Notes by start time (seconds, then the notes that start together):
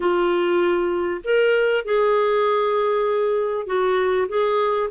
0.00 F4
1.24 A#4
1.85 G#4
3.66 F#4
4.28 G#4